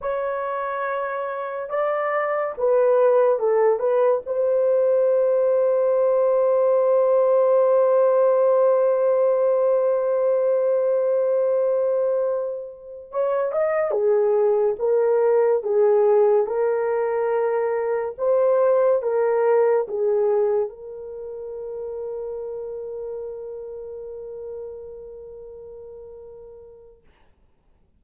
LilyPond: \new Staff \with { instrumentName = "horn" } { \time 4/4 \tempo 4 = 71 cis''2 d''4 b'4 | a'8 b'8 c''2.~ | c''1~ | c''2.~ c''8 cis''8 |
dis''8 gis'4 ais'4 gis'4 ais'8~ | ais'4. c''4 ais'4 gis'8~ | gis'8 ais'2.~ ais'8~ | ais'1 | }